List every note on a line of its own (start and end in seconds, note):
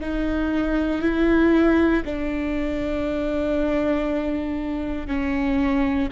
0.00 1.01 D#4
1.01 2.03 E4
2.04 5.07 D4
5.07 6.08 C#4